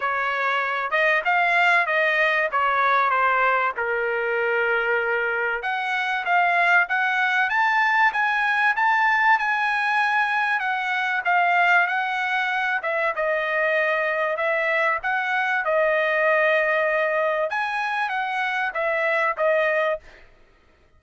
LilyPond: \new Staff \with { instrumentName = "trumpet" } { \time 4/4 \tempo 4 = 96 cis''4. dis''8 f''4 dis''4 | cis''4 c''4 ais'2~ | ais'4 fis''4 f''4 fis''4 | a''4 gis''4 a''4 gis''4~ |
gis''4 fis''4 f''4 fis''4~ | fis''8 e''8 dis''2 e''4 | fis''4 dis''2. | gis''4 fis''4 e''4 dis''4 | }